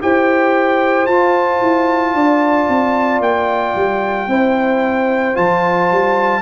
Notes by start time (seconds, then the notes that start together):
0.00 E4 G4 C5 G5
1.06 F4 A5
1.61 E4
2.14 D4 D5
2.68 C4
3.20 A#3 G5
3.75 G3
4.27 C4 E4 C5
5.34 F3 F4 A5
5.91 G3